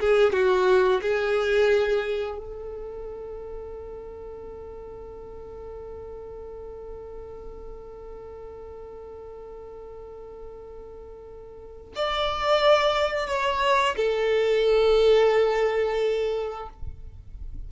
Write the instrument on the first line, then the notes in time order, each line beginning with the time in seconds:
violin
0.00 G#4
0.33 F#4
1.01 G#4
2.38 A4
11.95 D5
13.28 C#5
13.96 A4